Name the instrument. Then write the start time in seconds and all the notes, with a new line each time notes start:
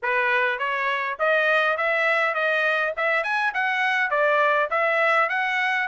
trumpet
0.02 B4
0.58 C#5
1.19 D#5
1.77 E5
2.34 D#5
2.96 E5
3.23 G#5
3.54 F#5
4.10 D5
4.70 E5
5.29 F#5